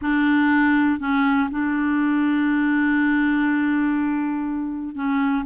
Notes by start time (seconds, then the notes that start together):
0.01 D4
0.99 C#4
1.50 D4
4.95 C#4